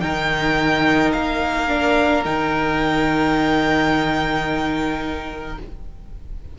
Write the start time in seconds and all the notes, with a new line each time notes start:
0.00 D#3 D#4 A#4 G5
1.12 A#3 F5
1.68 D4
2.25 D#3 D#4 G5